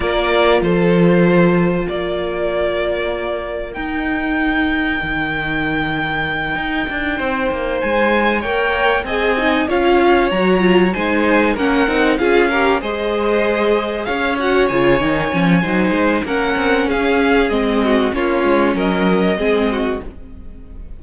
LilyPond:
<<
  \new Staff \with { instrumentName = "violin" } { \time 4/4 \tempo 4 = 96 d''4 c''2 d''4~ | d''2 g''2~ | g''1~ | g''8 gis''4 g''4 gis''4 f''8~ |
f''8 ais''4 gis''4 fis''4 f''8~ | f''8 dis''2 f''8 fis''8 gis''8~ | gis''2 fis''4 f''4 | dis''4 cis''4 dis''2 | }
  \new Staff \with { instrumentName = "violin" } { \time 4/4 ais'4 a'2 ais'4~ | ais'1~ | ais'2.~ ais'8 c''8~ | c''4. cis''4 dis''4 cis''8~ |
cis''4. c''4 ais'4 gis'8 | ais'8 c''2 cis''4.~ | cis''4 c''4 ais'4 gis'4~ | gis'8 fis'8 f'4 ais'4 gis'8 fis'8 | }
  \new Staff \with { instrumentName = "viola" } { \time 4/4 f'1~ | f'2 dis'2~ | dis'1~ | dis'4. ais'4 gis'8 dis'8 f'8~ |
f'8 fis'8 f'8 dis'4 cis'8 dis'8 f'8 | g'8 gis'2~ gis'8 fis'8 f'8 | dis'8 cis'8 dis'4 cis'2 | c'4 cis'2 c'4 | }
  \new Staff \with { instrumentName = "cello" } { \time 4/4 ais4 f2 ais4~ | ais2 dis'2 | dis2~ dis8 dis'8 d'8 c'8 | ais8 gis4 ais4 c'4 cis'8~ |
cis'8 fis4 gis4 ais8 c'8 cis'8~ | cis'8 gis2 cis'4 cis8 | dis8 f8 fis8 gis8 ais8 c'8 cis'4 | gis4 ais8 gis8 fis4 gis4 | }
>>